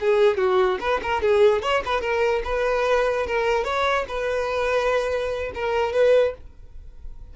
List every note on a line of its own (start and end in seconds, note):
0.00 0.38 G#4
0.38 0.79 F#4
0.80 1.00 B4
1.03 1.22 A#4
1.22 1.62 G#4
1.62 1.83 C#5
1.85 2.01 B4
2.01 2.42 A#4
2.44 3.27 B4
3.27 3.64 A#4
3.64 4.05 C#5
4.08 5.52 B4
5.55 5.92 A#4
5.92 6.33 B4